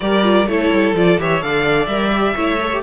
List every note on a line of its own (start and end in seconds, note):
0.00 0.46 G3
0.00 0.23 G4
0.00 0.49 A#4
0.00 0.47 D5
0.23 0.46 F4
0.46 0.70 A3
0.46 0.95 E4
0.46 1.21 A4
0.46 0.94 C#5
0.72 0.93 G3
0.93 1.17 F3
0.93 1.18 F4
0.93 1.20 D5
1.18 1.42 E3
1.18 1.41 G4
1.18 1.43 C#5
1.18 1.41 E5
1.41 1.86 D3
1.41 1.88 A4
1.41 2.34 D5
1.41 1.85 F5
1.85 2.34 G3
1.85 2.11 A#4
1.85 2.80 E5
2.11 2.35 G4
2.34 2.82 A3
2.34 2.59 E4
2.34 2.82 C#5
2.60 2.72 A4
2.72 2.82 G4